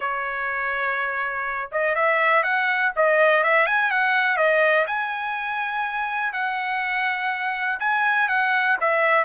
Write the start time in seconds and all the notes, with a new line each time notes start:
0.00 C#5
1.71 D#5
1.95 E5
2.43 F#5
2.95 D#5
3.43 E5
3.66 G#5
3.90 F#5
4.37 D#5
4.86 G#5
6.32 F#5
7.79 G#5
8.28 F#5
8.80 E5